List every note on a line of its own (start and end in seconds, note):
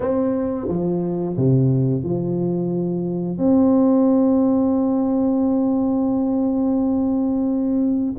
0.00 0.68 C4
0.68 1.36 F3
1.36 2.03 C3
2.03 3.37 F3
3.37 8.15 C4